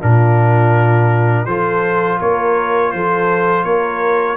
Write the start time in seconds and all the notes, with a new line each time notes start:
0.00 A#2 D4 F4 A#4
1.46 F3 F4 A4 C5
2.19 A#3 A#4 C#5
2.92 F3 A4 C5
3.64 A#3 A#4 C#5